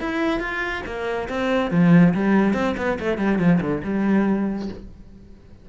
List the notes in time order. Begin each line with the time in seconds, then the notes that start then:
0.00 E4
0.39 F4
0.86 A#3
1.29 C4
1.71 F3
2.14 G3
2.54 C4
2.77 B3
3.00 A3
3.17 G3
3.39 F3
3.61 D3
3.83 G3